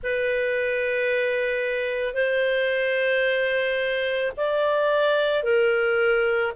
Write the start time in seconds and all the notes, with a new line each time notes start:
0.03 B4
2.13 C5
4.36 D5
5.43 A#4